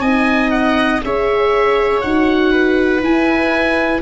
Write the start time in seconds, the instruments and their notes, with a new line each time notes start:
0.00 tuba C4, horn D#4, viola D#5, oboe G#5
0.50 oboe F#5
1.03 tuba C#4, horn G#4, viola C#5, oboe E5
2.01 tuba D#4, horn F#4, oboe F#5
2.51 viola B4
3.02 horn E4, tuba E4, oboe G#5